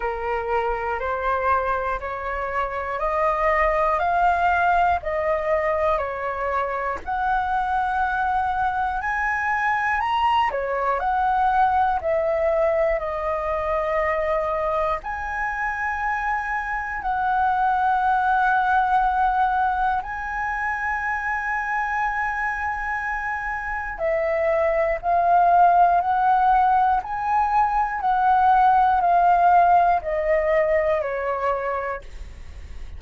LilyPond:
\new Staff \with { instrumentName = "flute" } { \time 4/4 \tempo 4 = 60 ais'4 c''4 cis''4 dis''4 | f''4 dis''4 cis''4 fis''4~ | fis''4 gis''4 ais''8 cis''8 fis''4 | e''4 dis''2 gis''4~ |
gis''4 fis''2. | gis''1 | e''4 f''4 fis''4 gis''4 | fis''4 f''4 dis''4 cis''4 | }